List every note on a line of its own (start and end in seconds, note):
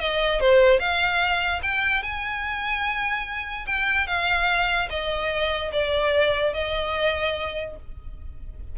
0.00 0.40 D#5
0.40 0.80 C5
0.80 1.61 F5
1.63 2.03 G5
2.03 3.66 G#5
3.67 4.07 G5
4.07 4.89 F5
4.90 5.72 D#5
5.73 6.54 D5
6.54 7.76 D#5